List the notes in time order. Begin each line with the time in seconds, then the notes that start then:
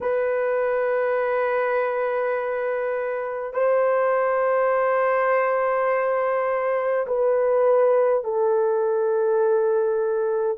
0.00 B4
3.53 C5
7.06 B4
8.24 A4